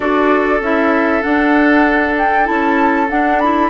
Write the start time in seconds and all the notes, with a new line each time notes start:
0.00 D4 F#4 A4 D5
0.60 C#4 E4 E5
1.22 D4 F#5
2.18 G5
2.44 C#4 E4 A5
3.09 D4 F#5
3.39 E4 B5